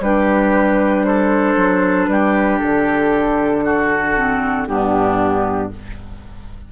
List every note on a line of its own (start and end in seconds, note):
0.00 1.55 G3
0.00 4.16 D4
0.00 1.06 G4
0.00 1.04 B4
1.04 2.10 A4
1.04 2.06 C5
1.56 2.08 F#3
2.06 2.59 G3
2.06 3.64 G4
2.06 2.58 B4
2.58 4.68 D3
2.58 4.65 A4
3.64 4.68 F#4
4.16 4.67 C4
4.67 5.71 G2
4.67 5.70 B3
4.67 5.72 D4
4.67 5.70 G4